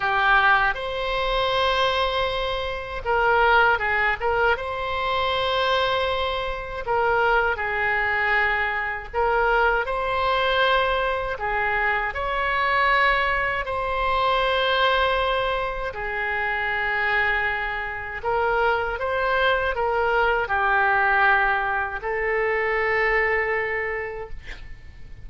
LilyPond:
\new Staff \with { instrumentName = "oboe" } { \time 4/4 \tempo 4 = 79 g'4 c''2. | ais'4 gis'8 ais'8 c''2~ | c''4 ais'4 gis'2 | ais'4 c''2 gis'4 |
cis''2 c''2~ | c''4 gis'2. | ais'4 c''4 ais'4 g'4~ | g'4 a'2. | }